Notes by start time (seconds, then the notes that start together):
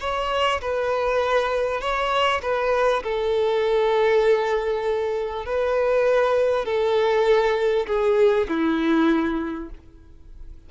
0.00 C#5
0.61 B4
1.80 C#5
2.42 B4
3.03 A4
5.45 B4
6.65 A4
7.87 G#4
8.48 E4